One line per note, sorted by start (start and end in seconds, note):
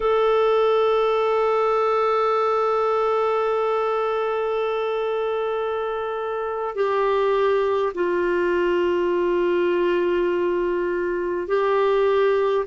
0.00 6.75 A4
6.75 7.93 G4
7.94 11.47 F4
11.47 12.65 G4